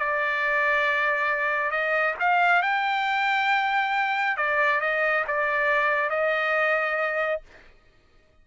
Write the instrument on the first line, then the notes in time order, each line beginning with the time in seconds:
trumpet
0.00 D5
1.71 D#5
2.20 F5
2.63 G5
4.37 D5
4.81 D#5
5.28 D5
6.10 D#5